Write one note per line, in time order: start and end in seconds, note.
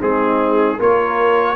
0.00 0.79 G#3
0.00 0.78 C4
0.00 0.79 D#4
0.00 0.80 G#4
0.79 1.56 A#3
0.79 1.56 F4
0.79 1.56 A#4
0.79 1.56 C#5